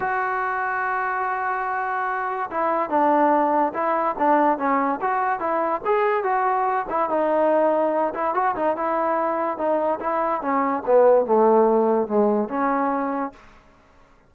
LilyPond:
\new Staff \with { instrumentName = "trombone" } { \time 4/4 \tempo 4 = 144 fis'1~ | fis'2 e'4 d'4~ | d'4 e'4 d'4 cis'4 | fis'4 e'4 gis'4 fis'4~ |
fis'8 e'8 dis'2~ dis'8 e'8 | fis'8 dis'8 e'2 dis'4 | e'4 cis'4 b4 a4~ | a4 gis4 cis'2 | }